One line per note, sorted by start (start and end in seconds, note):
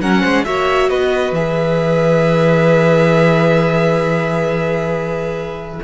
0.00 0.22 F#3
0.00 0.46 C#4
0.00 0.22 A#4
0.00 0.45 F#5
0.22 0.46 G#3
0.22 0.44 C5
0.45 0.89 A#3
0.45 1.35 F#4
0.45 0.90 C#5
0.45 0.89 E5
0.89 1.32 B3
0.89 5.82 B4
0.89 1.34 D#5
1.32 5.80 E3
1.32 5.83 G#4
1.32 5.82 E5